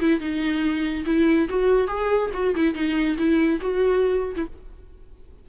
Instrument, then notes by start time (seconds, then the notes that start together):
viola
0.00 E4
0.20 D#4
1.06 E4
1.49 F#4
1.88 G#4
2.34 F#4
2.55 E4
2.74 D#4
3.18 E4
3.61 F#4
4.36 E4